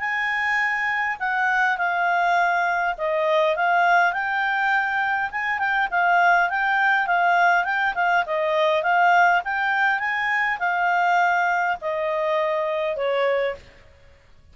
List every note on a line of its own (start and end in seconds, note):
0.00 1.18 G#5
1.20 1.78 F#5
1.78 2.96 F5
2.98 3.56 D#5
3.56 4.13 F5
4.13 5.31 G5
5.32 5.59 G#5
5.59 5.89 G5
5.91 6.50 F5
6.50 7.07 G5
7.07 7.65 F5
7.65 7.94 G5
7.95 8.25 F5
8.26 8.83 D#5
8.83 9.42 F5
9.45 10.00 G5
10.00 10.59 G#5
10.59 11.77 F5
11.82 12.97 D#5
12.97 13.56 C#5